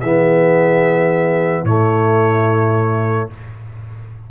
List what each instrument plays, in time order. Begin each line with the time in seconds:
0.00 tuba E3, trombone B3, horn G#4, trumpet E5
1.63 tuba A2, trombone A3, horn E4, trumpet C#5